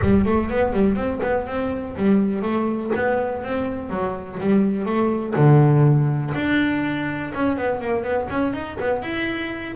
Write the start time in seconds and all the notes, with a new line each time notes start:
0.01 G3
0.25 A3
0.49 B3
0.73 G3
0.95 C4
1.22 B3
1.46 C4
1.96 G3
2.42 A3
2.95 B3
3.43 C4
3.89 F#3
4.40 G3
4.85 A3
5.35 D3
6.35 D4
7.34 C#4
7.57 B3
7.80 A#3
8.03 B3
8.30 C#4
8.53 D#4
8.80 B3
9.02 E4